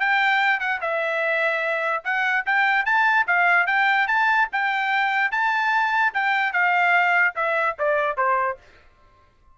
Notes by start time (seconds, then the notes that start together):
0.00 G5
0.60 F#5
0.81 E5
2.04 F#5
2.46 G5
2.86 A5
3.27 F5
3.67 G5
4.08 A5
4.53 G5
5.32 A5
6.14 G5
6.53 F5
7.36 E5
7.79 D5
8.17 C5